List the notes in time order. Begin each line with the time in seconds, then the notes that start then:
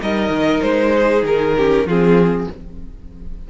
0.00 G3 D#4 A#4 D#5
0.29 D#3
0.62 G#3 C5
0.96 G#4
1.23 D#3 A#4
1.57 C#4 G4
1.85 F3 C4 F4 G#4